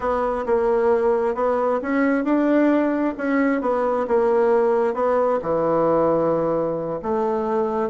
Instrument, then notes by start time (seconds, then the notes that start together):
bassoon
0.00 B3
0.46 A#3
1.35 B3
1.82 C#4
2.24 D4
3.17 C#4
3.61 B3
4.07 A#3
4.94 B3
5.42 E3
7.02 A3